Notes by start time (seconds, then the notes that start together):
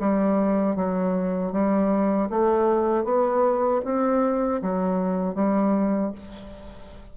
0.00 G3
0.76 F#3
1.52 G3
2.30 A3
3.05 B3
3.85 C4
4.62 F#3
5.35 G3